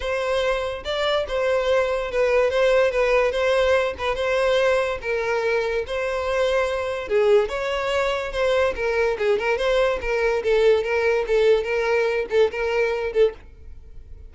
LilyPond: \new Staff \with { instrumentName = "violin" } { \time 4/4 \tempo 4 = 144 c''2 d''4 c''4~ | c''4 b'4 c''4 b'4 | c''4. b'8 c''2 | ais'2 c''2~ |
c''4 gis'4 cis''2 | c''4 ais'4 gis'8 ais'8 c''4 | ais'4 a'4 ais'4 a'4 | ais'4. a'8 ais'4. a'8 | }